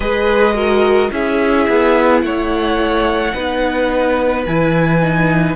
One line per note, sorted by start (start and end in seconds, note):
0.00 1.10 G#3
0.00 0.53 G#4
0.00 0.53 B4
0.00 1.10 D#5
0.53 1.09 F#4
0.53 1.09 A#4
1.10 1.67 C#4
1.10 3.32 E4
1.10 2.24 G#4
1.10 2.21 E5
1.69 2.22 B3
2.21 3.33 A3
2.21 3.34 C#5
2.21 4.43 F#5
3.34 4.46 B3
3.34 4.45 D#4
3.34 5.55 B4
4.46 5.55 E3
4.46 5.01 E4
4.46 5.55 G#5
5.01 5.55 D#4